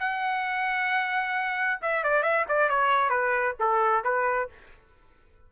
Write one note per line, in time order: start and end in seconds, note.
0.00 1.80 F#5
1.82 2.04 E5
2.04 2.23 D5
2.23 2.46 E5
2.49 2.70 D5
2.70 3.10 C#5
3.10 3.55 B4
3.60 4.05 A4
4.05 4.50 B4